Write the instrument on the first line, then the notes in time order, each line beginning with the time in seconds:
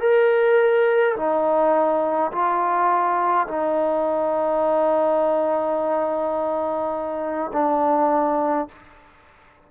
trombone
0.00 A#4
1.16 D#4
2.31 F4
3.47 D#4
7.53 D4